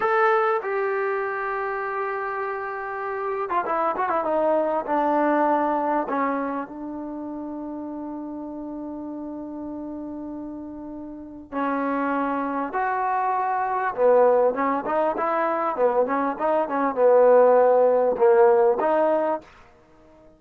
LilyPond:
\new Staff \with { instrumentName = "trombone" } { \time 4/4 \tempo 4 = 99 a'4 g'2.~ | g'4.~ g'16 f'16 e'8 fis'16 e'16 dis'4 | d'2 cis'4 d'4~ | d'1~ |
d'2. cis'4~ | cis'4 fis'2 b4 | cis'8 dis'8 e'4 b8 cis'8 dis'8 cis'8 | b2 ais4 dis'4 | }